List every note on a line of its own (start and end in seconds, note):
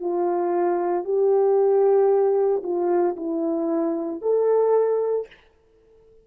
0.00 1.04 F4
1.04 2.62 G4
2.63 3.16 F4
3.16 4.22 E4
4.22 5.27 A4